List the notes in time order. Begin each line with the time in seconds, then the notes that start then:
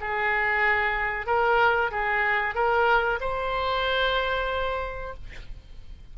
0.00 G#4
1.26 A#4
1.91 G#4
2.55 A#4
3.20 C5